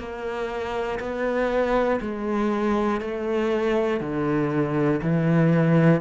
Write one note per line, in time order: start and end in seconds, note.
0.00 1.00 A#3
1.00 2.00 B3
2.01 3.01 G#3
3.01 4.01 A3
4.01 5.01 D3
5.03 6.01 E3